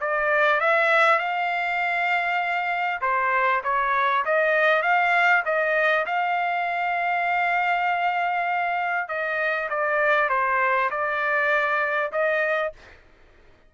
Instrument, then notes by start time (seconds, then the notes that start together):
trumpet
0.00 D5
0.60 E5
1.18 F5
3.01 C5
3.63 C#5
4.25 D#5
4.82 F5
5.45 D#5
6.06 F5
9.08 D#5
9.69 D5
10.29 C5
10.90 D5
12.12 D#5